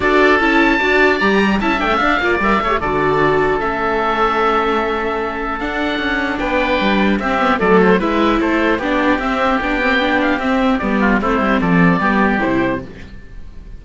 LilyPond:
<<
  \new Staff \with { instrumentName = "oboe" } { \time 4/4 \tempo 4 = 150 d''4 a''2 ais''4 | a''8 g''8 f''4 e''4 d''4~ | d''4 e''2.~ | e''2 fis''2 |
g''2 e''4 d''8 c''8 | e''4 c''4 d''4 e''4 | g''4. f''8 e''4 d''4 | c''4 d''2 c''4 | }
  \new Staff \with { instrumentName = "oboe" } { \time 4/4 a'2 d''2 | e''4. d''4 cis''8 a'4~ | a'1~ | a'1 |
b'2 g'4 a'4 | b'4 a'4 g'2~ | g'2.~ g'8 f'8 | e'4 a'4 g'2 | }
  \new Staff \with { instrumentName = "viola" } { \time 4/4 fis'4 e'4 fis'4 g'4 | e'8 d'16 cis'16 d'8 f'8 ais'8 a'16 g'16 fis'4~ | fis'4 cis'2.~ | cis'2 d'2~ |
d'2 c'8 b8 a4 | e'2 d'4 c'4 | d'8 c'8 d'4 c'4 b4 | c'2 b4 e'4 | }
  \new Staff \with { instrumentName = "cello" } { \time 4/4 d'4 cis'4 d'4 g4 | cis'8 a8 d'8 ais8 g8 a8 d4~ | d4 a2.~ | a2 d'4 cis'4 |
b4 g4 c'4 fis4 | gis4 a4 b4 c'4 | b2 c'4 g4 | a8 g8 f4 g4 c4 | }
>>